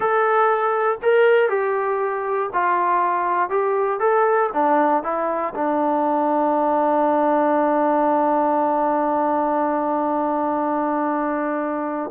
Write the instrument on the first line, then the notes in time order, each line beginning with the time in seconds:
trombone
0.00 A4
1.02 A#4
1.49 G4
2.53 F4
3.49 G4
3.99 A4
4.53 D4
5.03 E4
5.55 D4